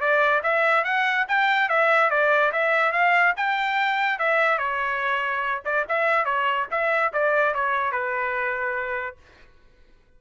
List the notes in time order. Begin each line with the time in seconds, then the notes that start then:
0.00 D5
0.43 E5
0.84 F#5
1.28 G5
1.69 E5
2.10 D5
2.52 E5
2.92 F5
3.36 G5
4.19 E5
4.58 C#5
5.65 D5
5.88 E5
6.25 C#5
6.71 E5
7.13 D5
7.54 C#5
7.91 B4